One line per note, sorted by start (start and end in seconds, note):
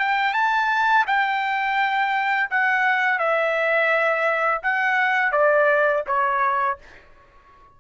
0.00 0.34 G5
0.34 1.06 A5
1.07 2.50 G5
2.51 3.19 F#5
3.19 4.62 E5
4.63 5.32 F#5
5.32 6.04 D5
6.07 6.79 C#5